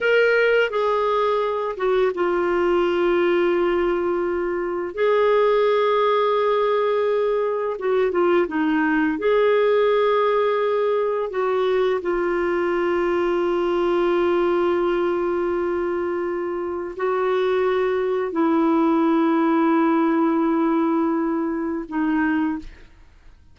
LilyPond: \new Staff \with { instrumentName = "clarinet" } { \time 4/4 \tempo 4 = 85 ais'4 gis'4. fis'8 f'4~ | f'2. gis'4~ | gis'2. fis'8 f'8 | dis'4 gis'2. |
fis'4 f'2.~ | f'1 | fis'2 e'2~ | e'2. dis'4 | }